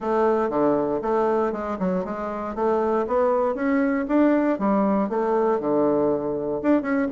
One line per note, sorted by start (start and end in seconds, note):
0.00 0.49 A3
0.49 1.00 D3
1.02 1.52 A3
1.52 1.77 G#3
1.79 2.04 F#3
2.04 2.55 G#3
2.55 3.06 A3
3.07 3.54 B3
3.54 4.05 C#4
4.08 4.58 D4
4.58 5.09 G3
5.09 5.60 A3
5.60 6.61 D3
6.62 6.82 D4
6.82 7.07 C#4